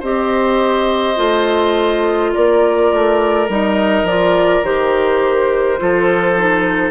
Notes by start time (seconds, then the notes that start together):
0.00 C4 G4 C5 D#5
1.16 A3 F4
2.33 A#3 A#4 D5
2.93 A3
3.49 G3 D#4 D#5
4.03 F3 F4 D5
4.63 D#3 G4 C5
5.79 F3 F4 A4
6.37 D#4